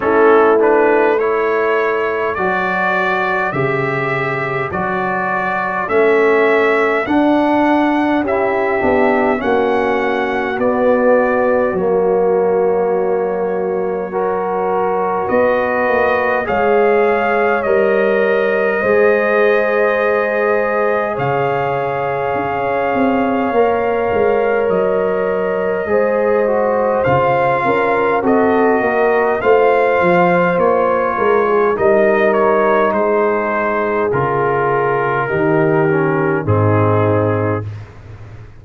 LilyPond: <<
  \new Staff \with { instrumentName = "trumpet" } { \time 4/4 \tempo 4 = 51 a'8 b'8 cis''4 d''4 e''4 | d''4 e''4 fis''4 e''4 | fis''4 d''4 cis''2~ | cis''4 dis''4 f''4 dis''4~ |
dis''2 f''2~ | f''4 dis''2 f''4 | dis''4 f''4 cis''4 dis''8 cis''8 | c''4 ais'2 gis'4 | }
  \new Staff \with { instrumentName = "horn" } { \time 4/4 e'4 a'2.~ | a'2. g'4 | fis'1 | ais'4 b'4 cis''2 |
c''2 cis''2~ | cis''2 c''4. ais'8 | a'8 ais'8 c''4. ais'16 gis'16 ais'4 | gis'2 g'4 dis'4 | }
  \new Staff \with { instrumentName = "trombone" } { \time 4/4 cis'8 d'8 e'4 fis'4 g'4 | fis'4 cis'4 d'4 e'8 d'8 | cis'4 b4 ais2 | fis'2 gis'4 ais'4 |
gis'1 | ais'2 gis'8 fis'8 f'4 | fis'4 f'2 dis'4~ | dis'4 f'4 dis'8 cis'8 c'4 | }
  \new Staff \with { instrumentName = "tuba" } { \time 4/4 a2 fis4 cis4 | fis4 a4 d'4 cis'8 b8 | ais4 b4 fis2~ | fis4 b8 ais8 gis4 g4 |
gis2 cis4 cis'8 c'8 | ais8 gis8 fis4 gis4 cis8 cis'8 | c'8 ais8 a8 f8 ais8 gis8 g4 | gis4 cis4 dis4 gis,4 | }
>>